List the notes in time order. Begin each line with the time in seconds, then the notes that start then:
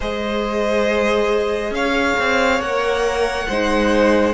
0.00 G#3 G#4 C5 D#5
1.70 C#4 C#5 F5
2.19 C4
2.60 A#3 A#4 F#5
3.48 G#3 D#4 C5